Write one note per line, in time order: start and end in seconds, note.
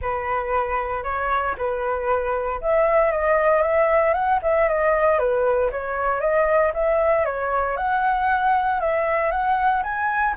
0.01 1.03 B4
1.03 1.55 C#5
1.57 2.61 B4
2.61 3.11 E5
3.11 3.62 D#5
3.62 4.13 E5
4.13 4.39 F#5
4.42 4.68 E5
4.68 5.18 D#5
5.18 5.70 B4
5.71 6.20 C#5
6.20 6.72 D#5
6.74 7.25 E5
7.25 7.76 C#5
7.77 8.80 F#5
8.80 9.31 E5
9.31 9.83 F#5
9.83 10.34 G#5